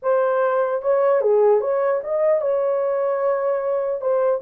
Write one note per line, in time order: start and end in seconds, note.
0.02 0.82 C5
0.82 1.21 C#5
1.21 1.61 G#4
1.61 2.01 C#5
2.03 2.41 D#5
2.41 4.01 C#5
4.01 4.41 C5